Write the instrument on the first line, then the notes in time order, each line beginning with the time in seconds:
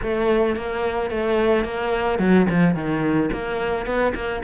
cello
0.02 A3
0.56 A#3
1.10 A3
1.64 A#3
2.18 F#3
2.49 F3
2.74 D#3
3.32 A#3
3.85 B3
4.14 A#3